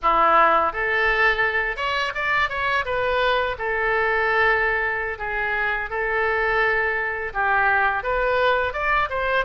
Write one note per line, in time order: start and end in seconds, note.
0.02 0.72 E4
0.72 1.76 A4
1.76 2.12 C#5
2.15 2.49 D5
2.49 2.84 C#5
2.85 3.56 B4
3.58 5.18 A4
5.18 5.89 G#4
5.90 7.32 A4
7.33 8.03 G4
8.03 8.73 B4
8.73 9.08 D5
9.09 9.45 C5